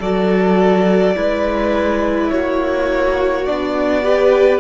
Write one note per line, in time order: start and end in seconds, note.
0.00 1.16 F#3
0.00 1.15 F#4
0.00 1.15 A4
0.00 2.31 D5
1.15 2.31 G#3
1.15 3.46 E4
1.15 2.32 B4
2.31 3.49 A#3
2.31 4.05 F#4
2.31 3.45 C#5
3.45 4.61 B3
3.45 4.03 D4
3.45 4.61 D5
4.03 4.61 G4
4.03 4.61 B4